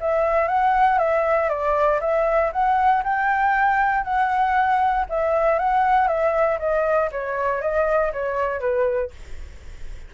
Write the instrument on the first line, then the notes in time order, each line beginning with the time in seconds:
flute
0.00 E5
0.47 F#5
0.98 E5
1.49 D5
2.00 E5
2.52 F#5
3.03 G5
4.04 F#5
5.09 E5
5.59 F#5
6.07 E5
6.59 D#5
7.11 C#5
7.61 D#5
8.12 C#5
8.60 B4